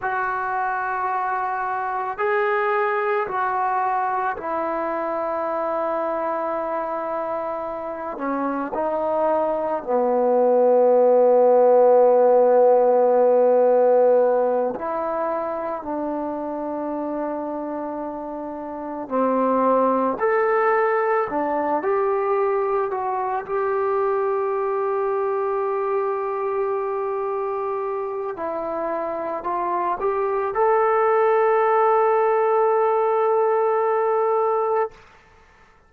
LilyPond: \new Staff \with { instrumentName = "trombone" } { \time 4/4 \tempo 4 = 55 fis'2 gis'4 fis'4 | e'2.~ e'8 cis'8 | dis'4 b2.~ | b4. e'4 d'4.~ |
d'4. c'4 a'4 d'8 | g'4 fis'8 g'2~ g'8~ | g'2 e'4 f'8 g'8 | a'1 | }